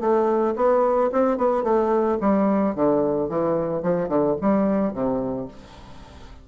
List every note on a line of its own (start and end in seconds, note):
0.00 0.55 A3
0.56 1.10 B3
1.12 1.37 C4
1.37 1.63 B3
1.63 2.18 A3
2.20 2.75 G3
2.75 3.29 D3
3.29 3.83 E3
3.83 4.09 F3
4.09 4.36 D3
4.41 4.93 G3
4.93 5.48 C3